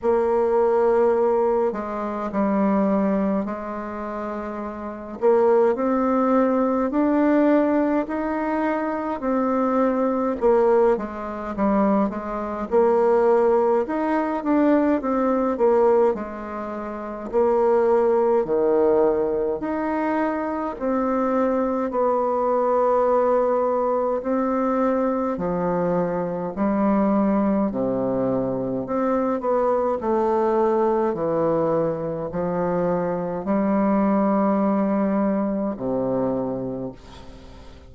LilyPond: \new Staff \with { instrumentName = "bassoon" } { \time 4/4 \tempo 4 = 52 ais4. gis8 g4 gis4~ | gis8 ais8 c'4 d'4 dis'4 | c'4 ais8 gis8 g8 gis8 ais4 | dis'8 d'8 c'8 ais8 gis4 ais4 |
dis4 dis'4 c'4 b4~ | b4 c'4 f4 g4 | c4 c'8 b8 a4 e4 | f4 g2 c4 | }